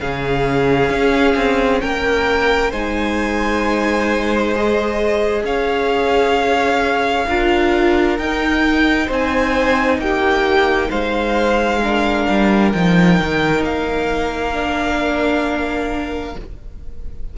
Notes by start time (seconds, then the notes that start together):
0.00 C#3 C#4 G#4 F5
0.89 C#4
1.35 C4
1.80 A#3 A#4 G5
2.70 G#3 D#4 C5 G#5
4.54 G#4 D#5
5.43 C#4 C#5 F5
7.28 D4 F4 A#4
8.18 D#4 G5
9.05 C4 C5
9.12 G#5
9.98 A#3 G4 G5
10.89 G#3 C5 F5
11.82 D4 A#4
12.28 G3
12.72 F3 D#4 G5
13.19 D#3
13.62 A#3 F5
14.52 D4